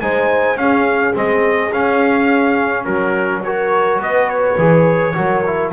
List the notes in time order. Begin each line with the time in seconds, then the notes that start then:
0.00 G#3 D#4 C5 G#5
0.55 C#4 G#4 F5
1.13 G#3 C4 D#5
1.72 C#4 F5
2.84 F#3 F#4 A#4
3.43 F#4 A#4 C#5
3.99 B3 B4 D#5
4.29 C#5
4.57 E3 G#4
5.14 F#3 F#4 A#4
5.45 E4